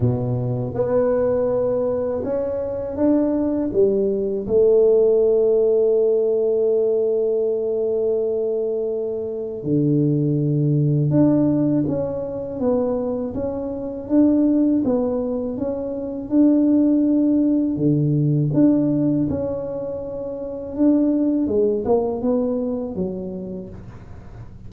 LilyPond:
\new Staff \with { instrumentName = "tuba" } { \time 4/4 \tempo 4 = 81 b,4 b2 cis'4 | d'4 g4 a2~ | a1~ | a4 d2 d'4 |
cis'4 b4 cis'4 d'4 | b4 cis'4 d'2 | d4 d'4 cis'2 | d'4 gis8 ais8 b4 fis4 | }